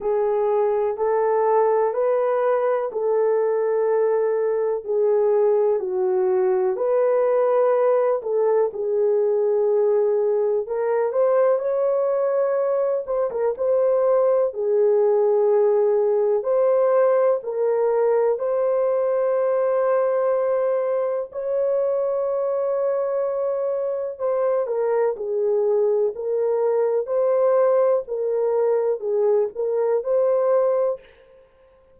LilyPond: \new Staff \with { instrumentName = "horn" } { \time 4/4 \tempo 4 = 62 gis'4 a'4 b'4 a'4~ | a'4 gis'4 fis'4 b'4~ | b'8 a'8 gis'2 ais'8 c''8 | cis''4. c''16 ais'16 c''4 gis'4~ |
gis'4 c''4 ais'4 c''4~ | c''2 cis''2~ | cis''4 c''8 ais'8 gis'4 ais'4 | c''4 ais'4 gis'8 ais'8 c''4 | }